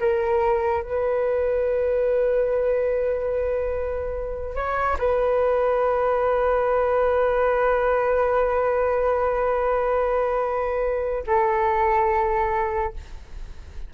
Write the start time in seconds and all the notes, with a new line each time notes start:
0.00 A#4
0.82 B4
4.55 C#5
4.98 B4
11.27 A4